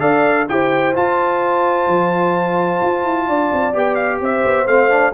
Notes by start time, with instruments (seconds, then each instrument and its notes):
0.00 tuba D4, trombone A4, horn D5, trumpet F5
0.49 tuba E4, trombone G4, horn C5, trumpet G5
0.94 trombone F4, tuba F4, trumpet A5
1.88 tuba F3
2.82 tuba F4
3.05 tuba E4
3.28 tuba D4, horn D5
3.53 tuba C4
3.73 tuba B3, trombone G4, trumpet G5
3.95 trumpet F5
4.21 tuba C4, horn C5, trumpet E5
4.45 tuba B3
4.66 tuba A3, trombone C4, trumpet F5
4.90 trombone D4